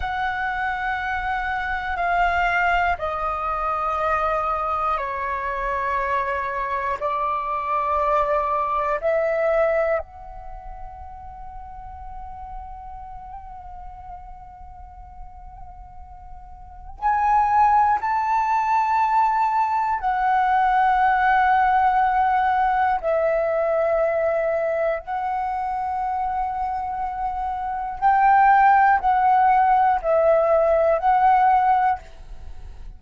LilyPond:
\new Staff \with { instrumentName = "flute" } { \time 4/4 \tempo 4 = 60 fis''2 f''4 dis''4~ | dis''4 cis''2 d''4~ | d''4 e''4 fis''2~ | fis''1~ |
fis''4 gis''4 a''2 | fis''2. e''4~ | e''4 fis''2. | g''4 fis''4 e''4 fis''4 | }